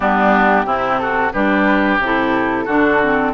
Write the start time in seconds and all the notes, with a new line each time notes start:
0.00 G3 B3 D4 G4
0.64 C3 C4 E4
0.98 F#4 A4
1.32 G3 D4 G4 B4
1.99 C3 E4 A4
2.64 D3 D4 F#4
3.02 C4